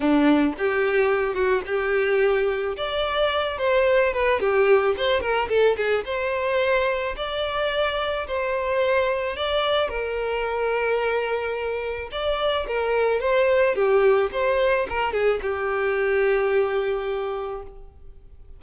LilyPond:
\new Staff \with { instrumentName = "violin" } { \time 4/4 \tempo 4 = 109 d'4 g'4. fis'8 g'4~ | g'4 d''4. c''4 b'8 | g'4 c''8 ais'8 a'8 gis'8 c''4~ | c''4 d''2 c''4~ |
c''4 d''4 ais'2~ | ais'2 d''4 ais'4 | c''4 g'4 c''4 ais'8 gis'8 | g'1 | }